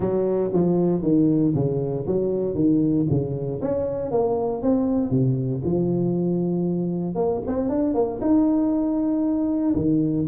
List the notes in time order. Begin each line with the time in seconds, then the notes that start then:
0.00 F#3
0.53 F3
1.02 D#3
1.55 C#3
2.06 F#3
2.54 D#3
3.09 C#3
3.61 C#4
4.11 A#3
4.62 C4
5.10 C3
5.64 F3
7.15 A#3
7.47 C4
7.69 D4
7.94 A#3
8.21 D#4
9.75 D#3